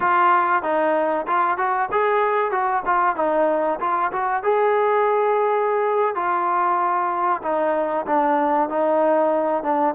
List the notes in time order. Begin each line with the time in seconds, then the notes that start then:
0.00 F4
0.62 D#4
1.27 F4
1.57 F#4
1.91 G#4
2.51 F#4
2.85 F4
3.16 D#4
3.80 F4
4.12 F#4
4.43 G#4
6.15 F4
7.42 D#4
8.06 D4
8.69 D#4
9.63 D4